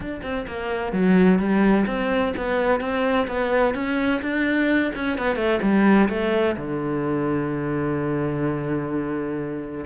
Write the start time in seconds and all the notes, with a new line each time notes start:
0.00 D4
0.22 C4
0.47 A#3
0.92 F#3
1.38 G3
1.86 C4
2.36 B3
2.80 C4
3.27 B3
3.74 C#4
4.21 D4
4.95 C#4
5.18 B3
5.36 A3
5.61 G3
6.09 A3
6.56 D3